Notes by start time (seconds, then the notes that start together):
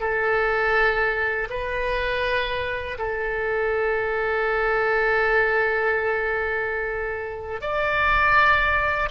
0.00 A4
1.49 B4
2.98 A4
7.61 D5